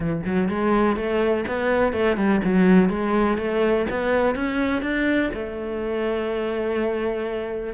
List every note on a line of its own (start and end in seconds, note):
0.00 0.21 E3
0.25 0.48 F#3
0.48 0.96 G#3
0.96 1.45 A3
1.47 1.92 B3
1.92 2.16 A3
2.16 2.40 G3
2.44 2.89 F#3
2.89 3.37 G#3
3.37 3.86 A3
3.90 4.35 B3
4.35 4.81 C#4
4.81 5.30 D4
5.33 7.73 A3